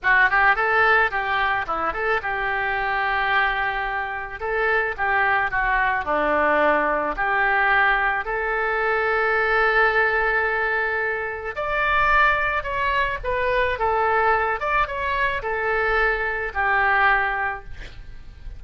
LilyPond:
\new Staff \with { instrumentName = "oboe" } { \time 4/4 \tempo 4 = 109 fis'8 g'8 a'4 g'4 e'8 a'8 | g'1 | a'4 g'4 fis'4 d'4~ | d'4 g'2 a'4~ |
a'1~ | a'4 d''2 cis''4 | b'4 a'4. d''8 cis''4 | a'2 g'2 | }